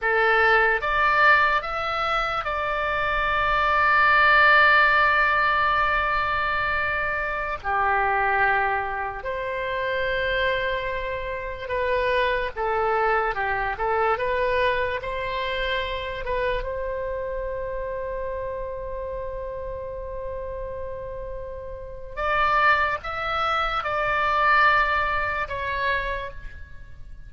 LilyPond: \new Staff \with { instrumentName = "oboe" } { \time 4/4 \tempo 4 = 73 a'4 d''4 e''4 d''4~ | d''1~ | d''4~ d''16 g'2 c''8.~ | c''2~ c''16 b'4 a'8.~ |
a'16 g'8 a'8 b'4 c''4. b'16~ | b'16 c''2.~ c''8.~ | c''2. d''4 | e''4 d''2 cis''4 | }